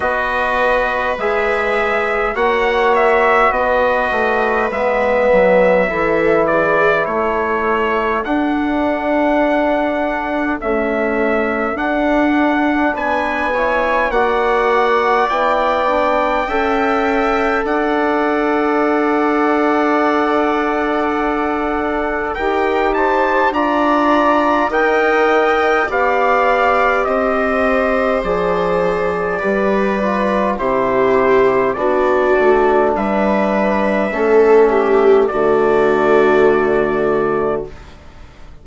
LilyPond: <<
  \new Staff \with { instrumentName = "trumpet" } { \time 4/4 \tempo 4 = 51 dis''4 e''4 fis''8 e''8 dis''4 | e''4. d''8 cis''4 fis''4~ | fis''4 e''4 fis''4 gis''4 | fis''4 g''2 fis''4~ |
fis''2. g''8 a''8 | ais''4 g''4 f''4 dis''4 | d''2 c''4 d''4 | e''2 d''2 | }
  \new Staff \with { instrumentName = "viola" } { \time 4/4 b'2 cis''4 b'4~ | b'4 a'8 gis'8 a'2~ | a'2. b'8 cis''8 | d''2 e''4 d''4~ |
d''2. ais'8 c''8 | d''4 dis''4 d''4 c''4~ | c''4 b'4 g'4 fis'4 | b'4 a'8 g'8 fis'2 | }
  \new Staff \with { instrumentName = "trombone" } { \time 4/4 fis'4 gis'4 fis'2 | b4 e'2 d'4~ | d'4 a4 d'4. e'8 | fis'4 e'8 d'8 a'2~ |
a'2. g'4 | f'4 ais'4 g'2 | gis'4 g'8 f'8 e'4 d'4~ | d'4 cis'4 a2 | }
  \new Staff \with { instrumentName = "bassoon" } { \time 4/4 b4 gis4 ais4 b8 a8 | gis8 fis8 e4 a4 d'4~ | d'4 cis'4 d'4 b4 | ais4 b4 cis'4 d'4~ |
d'2. dis'4 | d'4 dis'4 b4 c'4 | f4 g4 c4 b8 a8 | g4 a4 d2 | }
>>